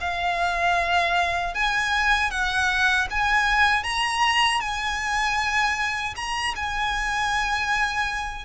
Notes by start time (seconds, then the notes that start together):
0.00 F5
1.54 G#5
2.30 F#5
3.10 G#5
3.83 A#5
4.60 G#5
6.15 A#5
6.55 G#5